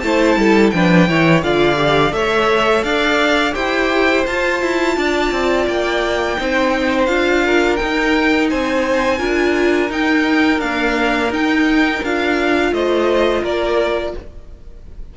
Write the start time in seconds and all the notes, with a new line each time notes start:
0.00 A3 E4 C5 A5
0.37 G3 A4
0.70 F3 D4 B4 G5
1.08 E3 E4 C#5
1.43 D3 F4 D5 F5
1.76 G4
2.12 A3 A4 C#5 E5
2.84 D4 D5 F5
3.53 E4 G4 C5 G5
4.27 F4 A5
4.62 E4
4.97 D4 D5
5.32 C4
5.67 A#3 G5
6.37 C4 D#4 C5
7.06 D4 F4 F5
7.46 A#4
7.77 D#4 G5
7.83 D#4
8.50 C4 C5 G#5
9.19 D4 F4 A#4
9.90 D#4 G5
10.59 A#3 D4 F5
11.30 D#4 G5
12.04 D4 F4 F5
12.72 A3 C5 D#5
13.43 A#3 A#4 D5